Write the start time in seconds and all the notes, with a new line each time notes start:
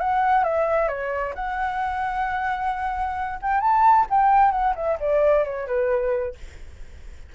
0.00 F#5
0.44 E5
0.88 C#5
1.35 F#5
3.42 G5
3.61 A5
4.10 G5
4.51 F#5
4.75 E5
4.99 D5
5.44 C#5
5.67 B4